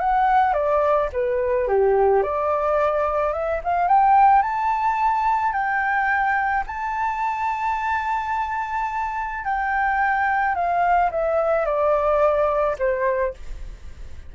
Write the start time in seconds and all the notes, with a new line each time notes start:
0.00 F#5
0.54 D5
1.13 B4
1.68 G4
2.23 D5
3.33 E5
3.64 F5
3.88 G5
4.42 A5
5.53 G5
6.67 A5
9.45 G5
10.55 F5
11.11 E5
11.65 D5
12.79 C5